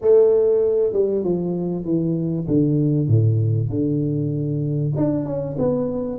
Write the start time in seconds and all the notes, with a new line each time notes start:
0.01 A3
0.93 G3
1.23 F3
1.84 E3
2.47 D3
3.08 A2
3.69 D3
4.96 D4
5.25 C#4
5.58 B3